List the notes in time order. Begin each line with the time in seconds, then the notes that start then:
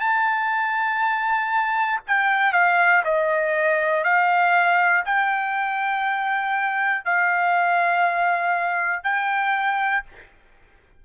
0.00 A5
2.07 G5
2.53 F5
3.05 D#5
4.05 F5
5.05 G5
7.05 F5
9.04 G5